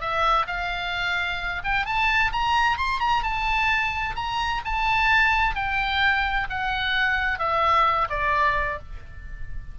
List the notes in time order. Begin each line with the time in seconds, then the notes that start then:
0.00 E5
0.46 F5
1.64 G5
1.85 A5
2.32 A#5
2.77 C6
2.99 A#5
3.22 A5
4.15 A#5
4.64 A5
5.55 G5
6.49 F#5
7.38 E5
8.09 D5